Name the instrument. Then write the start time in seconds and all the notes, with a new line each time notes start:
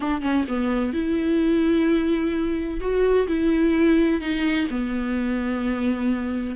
viola
0.00 D4
0.21 C#4
0.48 B3
0.93 E4
2.80 F#4
3.27 E4
4.21 D#4
4.70 B3